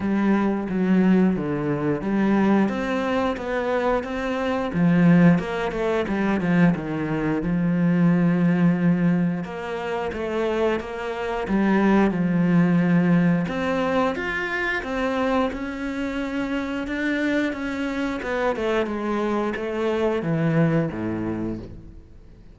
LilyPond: \new Staff \with { instrumentName = "cello" } { \time 4/4 \tempo 4 = 89 g4 fis4 d4 g4 | c'4 b4 c'4 f4 | ais8 a8 g8 f8 dis4 f4~ | f2 ais4 a4 |
ais4 g4 f2 | c'4 f'4 c'4 cis'4~ | cis'4 d'4 cis'4 b8 a8 | gis4 a4 e4 a,4 | }